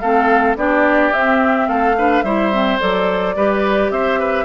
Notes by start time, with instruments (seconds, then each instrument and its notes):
0.00 bassoon A3, clarinet C4, oboe A4, flute F5
0.56 bassoon B3, clarinet D4, oboe G4, flute D5
1.13 clarinet C4, bassoon C4, flute E5
1.68 bassoon A3, oboe A4, flute F5
1.97 clarinet D4, oboe B4
2.23 bassoon G3, clarinet E4, oboe C5, flute E5
2.53 clarinet C4
2.80 bassoon F#3, clarinet A4, flute D5
3.36 bassoon G3, clarinet G4, oboe B4
3.91 bassoon C4, oboe C5, flute E5
4.20 oboe B4